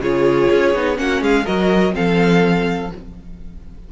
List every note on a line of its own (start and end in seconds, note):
0.00 0.48 C#3
0.00 0.75 F4
0.00 0.99 G#4
0.00 0.98 C#5
0.52 0.75 C#4
0.75 0.98 B3
0.75 0.95 D#4
0.95 1.21 A#3
0.95 1.43 C#4
0.95 1.22 F#5
1.02 1.22 F#4
1.21 1.46 G#3
1.21 1.44 G#4
1.21 1.46 F5
1.44 1.95 F#3
1.44 1.92 F#4
1.44 1.93 A#4
1.44 1.95 D#5
1.92 2.92 F3
1.92 2.89 C4
1.92 2.92 A4
1.92 2.92 F5